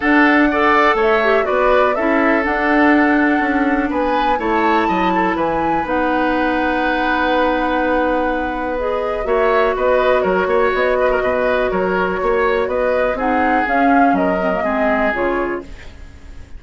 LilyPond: <<
  \new Staff \with { instrumentName = "flute" } { \time 4/4 \tempo 4 = 123 fis''2 e''4 d''4 | e''4 fis''2. | gis''4 a''2 gis''4 | fis''1~ |
fis''2 dis''4 e''4 | dis''4 cis''4 dis''2 | cis''2 dis''4 fis''4 | f''4 dis''2 cis''4 | }
  \new Staff \with { instrumentName = "oboe" } { \time 4/4 a'4 d''4 cis''4 b'4 | a'1 | b'4 cis''4 dis''8 a'8 b'4~ | b'1~ |
b'2. cis''4 | b'4 ais'8 cis''4 b'16 ais'16 b'4 | ais'4 cis''4 b'4 gis'4~ | gis'4 ais'4 gis'2 | }
  \new Staff \with { instrumentName = "clarinet" } { \time 4/4 d'4 a'4. g'8 fis'4 | e'4 d'2.~ | d'4 e'2. | dis'1~ |
dis'2 gis'4 fis'4~ | fis'1~ | fis'2. dis'4 | cis'4. c'16 ais16 c'4 f'4 | }
  \new Staff \with { instrumentName = "bassoon" } { \time 4/4 d'2 a4 b4 | cis'4 d'2 cis'4 | b4 a4 fis4 e4 | b1~ |
b2. ais4 | b4 fis8 ais8 b4 b,4 | fis4 ais4 b4 c'4 | cis'4 fis4 gis4 cis4 | }
>>